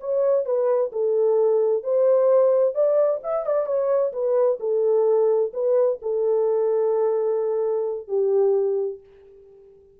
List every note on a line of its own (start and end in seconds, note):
0.00 0.45 C#5
0.45 0.91 B4
0.92 1.83 A4
1.83 2.74 C5
2.74 3.21 D5
3.23 3.46 E5
3.46 3.66 D5
3.66 4.12 C#5
4.12 4.59 B4
4.60 5.52 A4
5.53 5.99 B4
6.02 8.07 A4
8.07 9.00 G4